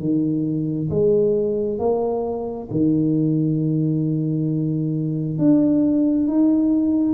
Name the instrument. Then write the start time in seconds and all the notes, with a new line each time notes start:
tuba
0.00 D#3
0.90 G#3
1.79 A#3
2.72 D#3
5.39 D4
6.28 D#4